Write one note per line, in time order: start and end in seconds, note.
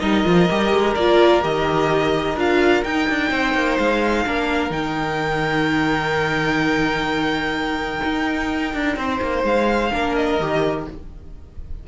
0.00 0.25 G3
0.00 0.24 D#4
0.00 3.31 A#4
0.00 0.94 D#5
0.24 0.50 F3
0.24 0.48 F4
0.50 0.73 G3
0.50 0.98 G4
0.73 0.96 G#3
0.95 1.44 A#3
0.95 1.42 F4
0.95 1.42 D5
1.42 2.36 D#3
1.42 2.37 G4
1.42 2.39 D#5
2.36 2.83 D4
2.36 2.85 F4
2.36 2.84 F5
2.84 3.09 D#4
2.84 4.26 D#4
2.84 3.78 G5
3.10 3.32 D4
3.31 3.55 C4
3.31 4.25 C5
3.55 3.78 A#3
3.78 4.26 G#3
3.78 4.72 F5
4.26 4.71 A#3
4.26 4.71 D4
4.26 8.98 A#4
4.71 8.01 D#3
4.71 9.90 D#4
4.71 9.45 G5
8.04 8.74 D#4
8.74 8.97 D4
8.97 9.20 C4
8.97 9.92 C5
9.22 9.44 A#3
9.44 9.91 G#3
9.44 10.16 F5
9.92 10.40 A#3
9.92 10.41 D4
9.92 10.87 A#4
10.16 10.87 D#5
10.40 10.87 D#3
10.40 10.88 G4